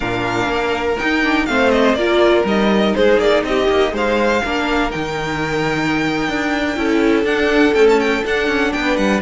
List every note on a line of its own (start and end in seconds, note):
0.00 0.47 A#2
0.00 0.97 D4
0.00 1.46 A#4
0.00 0.96 F5
0.47 0.96 A#3
0.97 1.22 D#4
0.97 1.48 D#4
0.97 1.45 G5
1.22 1.47 D4
1.45 1.94 A3
1.45 1.97 C4
1.45 1.98 C5
1.45 1.70 F5
1.70 1.94 D#5
1.94 2.43 A#3
1.94 2.44 F4
1.94 2.96 A#4
1.94 2.43 D5
2.44 2.93 G3
2.44 4.41 D#4
2.44 2.95 D#5
2.95 3.18 G#3
2.95 3.45 G#4
2.95 3.19 C5
3.18 3.42 A#3
3.18 3.43 D5
3.43 3.68 C4
3.43 3.93 G4
3.43 3.94 D#5
3.69 3.92 A#3
3.92 4.41 G#3
3.92 4.42 C5
3.92 4.91 F5
4.44 4.94 A#3
4.44 4.90 D4
4.44 6.77 A#4
4.90 6.28 D#3
4.90 6.75 D#4
4.90 7.24 G5
6.28 6.77 D4
6.75 7.23 C#4
6.75 7.24 E4
6.75 8.74 A4
7.23 7.72 D4
7.23 7.74 D4
7.23 7.74 F#5
7.74 8.23 A3
7.74 8.23 C#4
7.74 7.86 G5
7.89 7.99 A5
7.99 8.24 G5
8.25 8.47 D4
8.25 9.21 D4
8.25 8.72 F#5
8.47 8.72 C#4
8.72 8.97 B3
8.72 9.21 B4
8.72 8.96 G5
8.96 9.21 G3
8.96 9.21 F#5